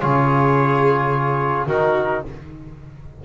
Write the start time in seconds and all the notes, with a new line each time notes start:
0.00 C#3 F4 G#4 C#5
1.66 D#3 D#4 F#4 A#4